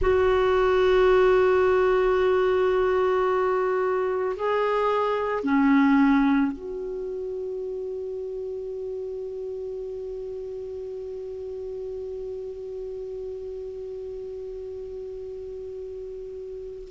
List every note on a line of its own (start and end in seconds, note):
0.01 4.36 F#4
4.36 5.43 G#4
5.43 6.52 C#4
6.52 16.88 F#4